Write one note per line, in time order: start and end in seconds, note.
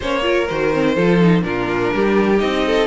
0.00 0.49 A#3
0.00 0.21 C#4
0.00 0.23 C5
0.00 0.47 C#5
0.21 0.46 F4
0.21 0.94 A#4
0.47 0.96 D#3
0.47 0.72 F#4
0.47 1.42 C5
0.72 0.96 C4
0.94 1.43 F3
0.94 1.20 F4
0.94 1.42 A4
1.20 1.42 D#4
1.42 1.91 A#2
1.42 2.37 D4
1.42 1.94 F4
1.42 2.38 A#4
1.94 2.41 G3
1.94 2.66 G4
2.37 2.87 C4
2.37 2.85 D#4
2.37 2.87 D#5
2.67 2.87 A4